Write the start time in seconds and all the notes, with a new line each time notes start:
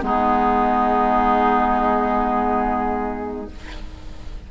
0.00 G#3 B3 D#4 G#4